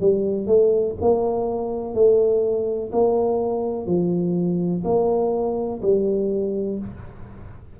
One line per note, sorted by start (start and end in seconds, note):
0.00 0.46 G3
0.46 0.95 A3
1.01 1.94 A#3
1.94 2.91 A3
2.92 3.86 A#3
3.86 4.83 F3
4.84 5.81 A#3
5.82 6.78 G3